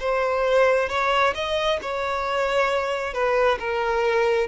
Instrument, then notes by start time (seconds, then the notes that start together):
violin
0.00 C5
0.89 C#5
1.34 D#5
1.82 C#5
3.13 B4
3.59 A#4